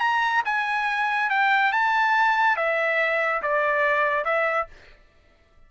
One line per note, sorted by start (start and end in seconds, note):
0.00 0.42 A#5
0.45 1.30 G#5
1.30 1.72 G5
1.72 2.57 A5
2.57 3.42 E5
3.42 4.25 D5
4.25 4.67 E5